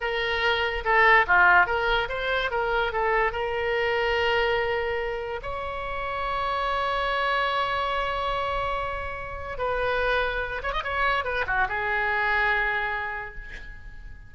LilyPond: \new Staff \with { instrumentName = "oboe" } { \time 4/4 \tempo 4 = 144 ais'2 a'4 f'4 | ais'4 c''4 ais'4 a'4 | ais'1~ | ais'4 cis''2.~ |
cis''1~ | cis''2. b'4~ | b'4. cis''16 dis''16 cis''4 b'8 fis'8 | gis'1 | }